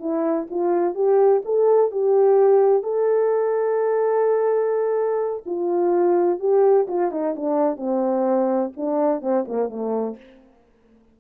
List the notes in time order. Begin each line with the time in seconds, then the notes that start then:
0.00 E4
0.50 F4
0.95 G4
1.45 A4
1.92 G4
2.83 A4
5.46 F4
6.40 G4
6.88 F4
7.12 D#4
7.36 D4
7.77 C4
8.77 D4
9.22 C4
9.48 A#3
9.70 A3